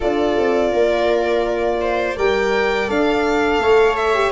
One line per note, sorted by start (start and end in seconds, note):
0.00 0.37 D4
0.00 2.16 F4
0.00 0.71 A4
0.00 2.17 D5
0.37 0.73 C4
0.71 2.17 A#3
0.71 1.79 A#4
1.81 2.16 C5
2.16 2.89 G3
2.16 2.87 A#4
2.16 3.61 D5
2.16 2.90 G5
2.87 3.59 D4
2.87 4.14 A4
2.87 3.96 F5
3.59 4.31 A3
3.59 4.31 C#5
3.96 4.31 E5
4.14 4.31 G4